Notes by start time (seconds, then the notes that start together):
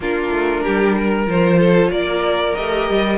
0.00 A#3 D4 F4 A#4
0.30 A3
0.63 G3 G4
0.97 A#4
1.26 F3 F4 C5
1.58 A4
1.89 A#3 A#4 D5
2.54 A3 G4 D#5
2.89 G3